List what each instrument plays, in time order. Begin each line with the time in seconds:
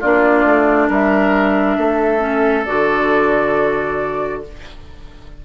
0.00 bassoon A#3, clarinet D4, oboe F4, flute D5
0.45 bassoon A3
0.88 bassoon G3, oboe A#4, flute E5
1.77 bassoon A3, oboe A4
2.19 clarinet C#4
2.65 bassoon D3, clarinet F#4, flute D5